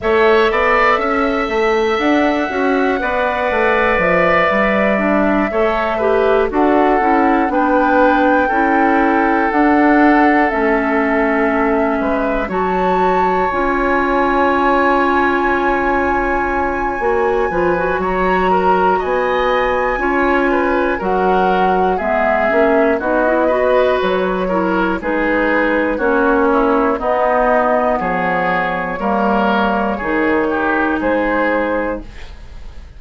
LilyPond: <<
  \new Staff \with { instrumentName = "flute" } { \time 4/4 \tempo 4 = 60 e''2 fis''2 | e''2~ e''8 fis''4 g''8~ | g''4. fis''4 e''4.~ | e''8 a''4 gis''2~ gis''8~ |
gis''2 ais''4 gis''4~ | gis''4 fis''4 e''4 dis''4 | cis''4 b'4 cis''4 dis''4 | cis''2. c''4 | }
  \new Staff \with { instrumentName = "oboe" } { \time 4/4 cis''8 d''8 e''2 d''4~ | d''4. cis''8 b'8 a'4 b'8~ | b'8 a'2.~ a'8 | b'8 cis''2.~ cis''8~ |
cis''4. b'8 cis''8 ais'8 dis''4 | cis''8 b'8 ais'4 gis'4 fis'8 b'8~ | b'8 ais'8 gis'4 fis'8 e'8 dis'4 | gis'4 ais'4 gis'8 g'8 gis'4 | }
  \new Staff \with { instrumentName = "clarinet" } { \time 4/4 a'2~ a'8 fis'8 b'4~ | b'4 d'8 a'8 g'8 fis'8 e'8 d'8~ | d'8 e'4 d'4 cis'4.~ | cis'8 fis'4 f'2~ f'8~ |
f'4 fis'8 f'16 fis'2~ fis'16 | f'4 fis'4 b8 cis'8 dis'16 e'16 fis'8~ | fis'8 e'8 dis'4 cis'4 b4~ | b4 ais4 dis'2 | }
  \new Staff \with { instrumentName = "bassoon" } { \time 4/4 a8 b8 cis'8 a8 d'8 cis'8 b8 a8 | f8 g4 a4 d'8 cis'8 b8~ | b8 cis'4 d'4 a4. | gis8 fis4 cis'2~ cis'8~ |
cis'4 ais8 f8 fis4 b4 | cis'4 fis4 gis8 ais8 b4 | fis4 gis4 ais4 b4 | f4 g4 dis4 gis4 | }
>>